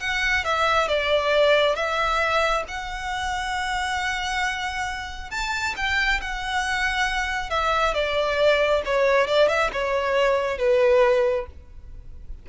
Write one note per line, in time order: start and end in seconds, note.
0.00 0.44 F#5
0.44 0.88 E5
0.88 1.75 D5
1.75 2.64 E5
2.68 5.31 F#5
5.31 5.75 A5
5.76 6.20 G5
6.21 7.50 F#5
7.50 7.94 E5
7.94 8.82 D5
8.85 9.27 C#5
9.27 9.49 D5
9.49 9.71 E5
9.73 10.58 C#5
10.58 11.46 B4